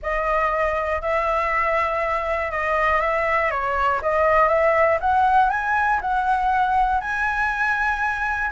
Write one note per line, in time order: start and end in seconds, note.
0.02 1.01 D#5
1.01 2.51 E5
2.51 3.00 D#5
3.00 3.50 E5
3.50 4.00 C#5
4.01 4.48 D#5
4.48 4.98 E5
5.00 5.50 F#5
5.50 6.00 G#5
6.01 7.00 F#5
7.00 8.50 G#5